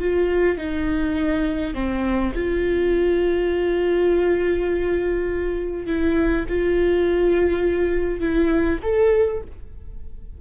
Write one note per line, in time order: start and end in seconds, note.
0.00 0.57 F4
0.57 1.74 D#4
1.74 2.33 C4
2.35 5.87 F4
5.87 6.45 E4
6.49 8.21 F4
8.21 8.79 E4
8.83 9.42 A4